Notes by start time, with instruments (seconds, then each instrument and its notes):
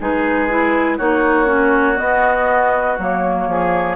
0.00 bassoon G#3, clarinet D#4, oboe G#4, flute B4
0.49 clarinet E4
0.98 bassoon A#3, clarinet D#4, oboe F#4, flute C#5
1.45 clarinet C#4
1.96 clarinet B3, bassoon B3, flute D#5
2.98 bassoon F#3, clarinet A#3, flute C#5
3.48 bassoon F3, oboe G#4